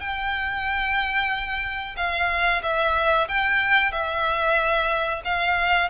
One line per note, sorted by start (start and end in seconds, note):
0.00 1.96 G5
1.97 2.62 F5
2.62 3.28 E5
3.28 3.92 G5
3.92 5.22 E5
5.25 5.89 F5